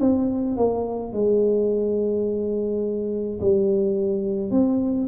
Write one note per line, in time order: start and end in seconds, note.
0.00 0.57 C4
0.57 1.13 A#3
1.13 3.39 G#3
3.41 4.51 G3
4.51 5.07 C4